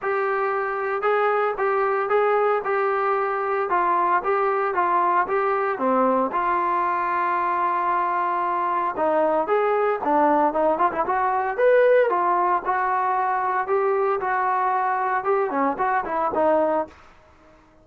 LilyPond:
\new Staff \with { instrumentName = "trombone" } { \time 4/4 \tempo 4 = 114 g'2 gis'4 g'4 | gis'4 g'2 f'4 | g'4 f'4 g'4 c'4 | f'1~ |
f'4 dis'4 gis'4 d'4 | dis'8 f'16 e'16 fis'4 b'4 f'4 | fis'2 g'4 fis'4~ | fis'4 g'8 cis'8 fis'8 e'8 dis'4 | }